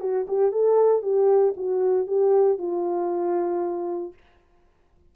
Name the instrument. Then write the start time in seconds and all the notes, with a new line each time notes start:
horn
0.00 F#4
0.28 G4
0.51 A4
1.02 G4
1.56 F#4
2.06 G4
2.58 F4